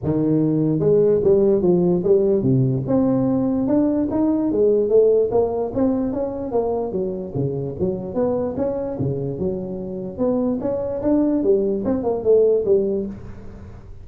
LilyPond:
\new Staff \with { instrumentName = "tuba" } { \time 4/4 \tempo 4 = 147 dis2 gis4 g4 | f4 g4 c4 c'4~ | c'4 d'4 dis'4 gis4 | a4 ais4 c'4 cis'4 |
ais4 fis4 cis4 fis4 | b4 cis'4 cis4 fis4~ | fis4 b4 cis'4 d'4 | g4 c'8 ais8 a4 g4 | }